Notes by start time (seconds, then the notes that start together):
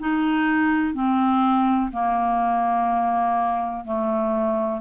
0.00 D#4
0.95 C4
1.93 A#3
3.85 A3